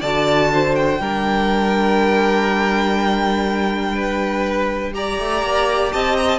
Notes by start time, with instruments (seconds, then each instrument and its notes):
0.00 cello D3, viola F#4, violin D5 A5
0.53 violin C5
0.75 violin G5
1.00 cello G3, viola D4, violin A#4
3.95 violin B4
4.94 viola G4, violin D5 A#5
5.19 cello A3
5.43 cello A#3
5.92 cello C4, violin D#5 A5
6.17 violin A#5
6.29 violin A5